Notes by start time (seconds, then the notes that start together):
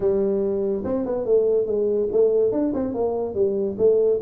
0.00 G3
0.84 C4
1.05 B3
1.25 A3
1.66 G#3
2.12 A3
2.52 D4
2.74 C4
2.94 A#3
3.34 G3
3.77 A3